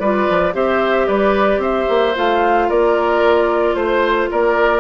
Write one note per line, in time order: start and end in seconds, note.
0.00 0.27 G3
0.00 0.53 F4
0.00 0.54 B4
0.00 0.54 D5
0.30 0.54 F3
0.53 1.08 C4
0.53 2.14 G4
0.53 1.07 C5
0.53 1.08 E5
1.07 1.58 G3
1.07 1.61 B4
1.07 1.61 D5
1.58 1.85 C4
1.58 2.68 C5
1.58 2.16 E5
1.89 2.16 A#3
2.15 2.70 A3
2.15 4.80 F4
2.15 2.70 F5
2.68 3.75 A#3
2.68 3.76 A#4
2.68 3.75 D5
3.75 4.29 A3
3.75 4.28 C5
3.75 4.30 C5
4.31 4.80 A#3
4.31 4.80 A#4
4.31 4.80 D5